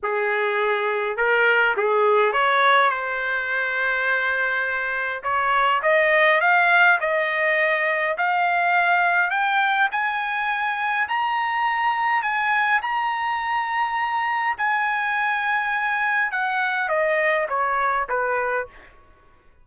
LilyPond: \new Staff \with { instrumentName = "trumpet" } { \time 4/4 \tempo 4 = 103 gis'2 ais'4 gis'4 | cis''4 c''2.~ | c''4 cis''4 dis''4 f''4 | dis''2 f''2 |
g''4 gis''2 ais''4~ | ais''4 gis''4 ais''2~ | ais''4 gis''2. | fis''4 dis''4 cis''4 b'4 | }